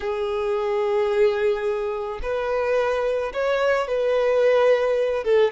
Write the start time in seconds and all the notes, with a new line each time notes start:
0.00 G#4
2.22 B4
3.33 C#5
3.87 B4
5.24 A4